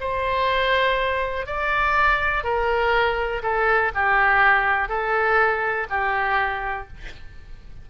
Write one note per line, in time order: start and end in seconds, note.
0.00 1.46 C5
1.46 2.44 D5
2.44 3.42 A#4
3.43 3.92 A4
3.95 4.89 G4
4.89 5.87 A4
5.90 6.88 G4